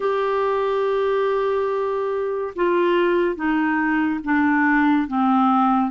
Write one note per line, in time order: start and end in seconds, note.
0.00 2.54 G4
2.55 3.35 F4
3.35 4.20 D#4
4.24 5.07 D4
5.07 5.90 C4